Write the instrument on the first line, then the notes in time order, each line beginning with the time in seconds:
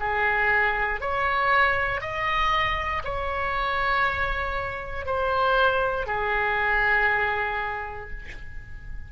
oboe
0.00 G#4
1.00 C#5
2.01 D#5
3.04 C#5
5.06 C5
6.07 G#4